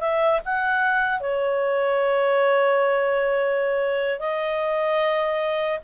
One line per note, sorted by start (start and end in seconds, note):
0.00 0.40 E5
0.45 1.20 F#5
1.20 4.19 C#5
4.19 5.79 D#5